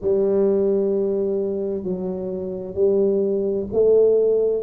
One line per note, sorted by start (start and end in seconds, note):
0.01 1.83 G3
1.83 2.74 F#3
2.74 3.66 G3
3.73 4.62 A3